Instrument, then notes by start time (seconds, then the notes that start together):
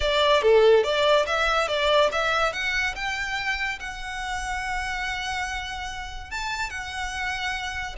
violin
0.00 D5
0.42 A4
0.83 D5
1.26 E5
1.68 D5
2.12 E5
2.53 F#5
2.95 G5
3.79 F#5
6.30 A5
6.70 F#5